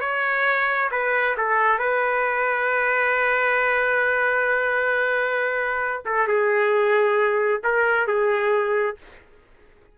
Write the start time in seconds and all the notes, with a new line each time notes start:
0.00 C#5
0.91 B4
1.37 A4
1.78 B4
6.05 A4
6.27 G#4
7.63 A#4
8.07 G#4